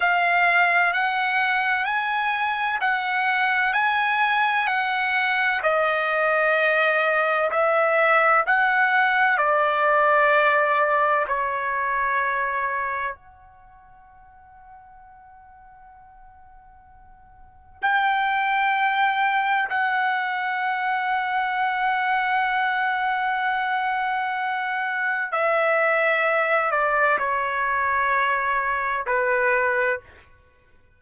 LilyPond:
\new Staff \with { instrumentName = "trumpet" } { \time 4/4 \tempo 4 = 64 f''4 fis''4 gis''4 fis''4 | gis''4 fis''4 dis''2 | e''4 fis''4 d''2 | cis''2 fis''2~ |
fis''2. g''4~ | g''4 fis''2.~ | fis''2. e''4~ | e''8 d''8 cis''2 b'4 | }